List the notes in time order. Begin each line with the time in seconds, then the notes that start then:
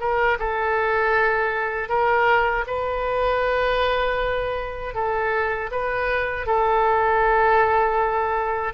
0.00 A#4
0.39 A4
1.89 A#4
2.67 B4
4.95 A4
5.71 B4
6.47 A4